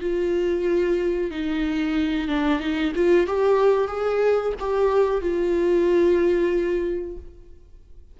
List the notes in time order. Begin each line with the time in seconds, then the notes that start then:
0.00 F4
1.30 D#4
2.28 D4
2.59 D#4
2.95 F4
3.26 G4
3.87 G#4
4.59 G4
5.21 F4